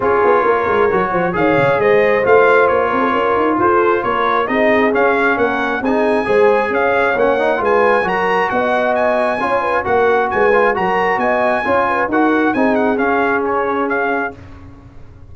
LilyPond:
<<
  \new Staff \with { instrumentName = "trumpet" } { \time 4/4 \tempo 4 = 134 cis''2. f''4 | dis''4 f''4 cis''2 | c''4 cis''4 dis''4 f''4 | fis''4 gis''2 f''4 |
fis''4 gis''4 ais''4 fis''4 | gis''2 fis''4 gis''4 | ais''4 gis''2 fis''4 | gis''8 fis''8 f''4 cis''4 f''4 | }
  \new Staff \with { instrumentName = "horn" } { \time 4/4 gis'4 ais'4. c''8 cis''4 | c''2~ c''8 ais'16 a'16 ais'4 | a'4 ais'4 gis'2 | ais'4 gis'4 c''4 cis''4~ |
cis''4 b'4 ais'4 dis''4~ | dis''4 cis''8 b'8 ais'4 b'4 | ais'4 dis''4 cis''8 b'8 ais'4 | gis'1 | }
  \new Staff \with { instrumentName = "trombone" } { \time 4/4 f'2 fis'4 gis'4~ | gis'4 f'2.~ | f'2 dis'4 cis'4~ | cis'4 dis'4 gis'2 |
cis'8 dis'8 f'4 fis'2~ | fis'4 f'4 fis'4. f'8 | fis'2 f'4 fis'4 | dis'4 cis'2. | }
  \new Staff \with { instrumentName = "tuba" } { \time 4/4 cis'8 b8 ais8 gis8 fis8 f8 dis8 cis8 | gis4 a4 ais8 c'8 cis'8 dis'8 | f'4 ais4 c'4 cis'4 | ais4 c'4 gis4 cis'4 |
ais4 gis4 fis4 b4~ | b4 cis'4 ais4 gis4 | fis4 b4 cis'4 dis'4 | c'4 cis'2. | }
>>